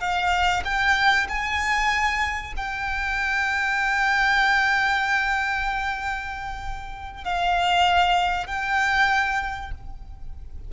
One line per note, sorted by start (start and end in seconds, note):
0.00 0.62 F5
0.64 1.27 G5
1.28 2.53 G#5
2.56 7.24 G5
7.24 8.46 F5
8.46 9.71 G5